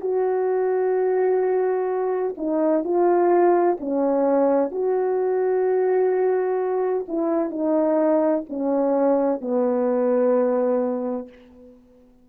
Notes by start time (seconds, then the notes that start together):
0.00 F#4
2.37 D#4
2.83 F4
3.80 C#4
4.71 F#4
7.07 E4
7.50 D#4
8.49 C#4
9.40 B3